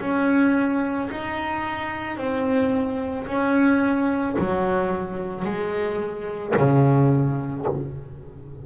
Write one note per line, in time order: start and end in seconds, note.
0.00 1.09 C#4
1.11 2.17 D#4
2.17 3.26 C4
3.27 4.36 C#4
4.38 5.44 F#3
5.44 6.54 G#3
6.57 7.66 C#3